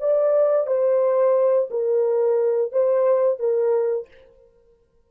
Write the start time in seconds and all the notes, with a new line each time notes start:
0.00 D5
0.67 C5
1.70 A#4
2.72 C5
3.39 A#4